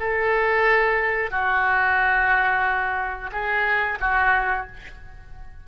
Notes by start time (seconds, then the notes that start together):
0.00 A4
1.31 F#4
3.32 G#4
4.01 F#4